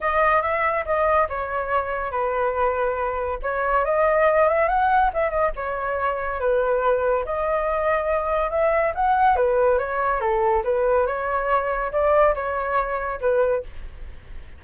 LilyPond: \new Staff \with { instrumentName = "flute" } { \time 4/4 \tempo 4 = 141 dis''4 e''4 dis''4 cis''4~ | cis''4 b'2. | cis''4 dis''4. e''8 fis''4 | e''8 dis''8 cis''2 b'4~ |
b'4 dis''2. | e''4 fis''4 b'4 cis''4 | a'4 b'4 cis''2 | d''4 cis''2 b'4 | }